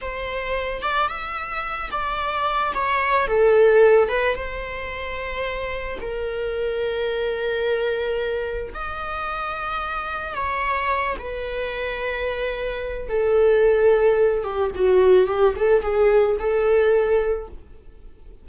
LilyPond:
\new Staff \with { instrumentName = "viola" } { \time 4/4 \tempo 4 = 110 c''4. d''8 e''4. d''8~ | d''4 cis''4 a'4. b'8 | c''2. ais'4~ | ais'1 |
dis''2. cis''4~ | cis''8 b'2.~ b'8 | a'2~ a'8 g'8 fis'4 | g'8 a'8 gis'4 a'2 | }